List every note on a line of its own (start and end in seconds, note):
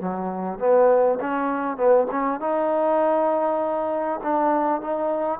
0.00 0.59 F#3
0.59 1.19 B3
1.20 1.77 C#4
1.77 2.07 B3
2.11 2.40 C#4
2.40 4.20 D#4
4.23 4.81 D4
4.81 5.39 D#4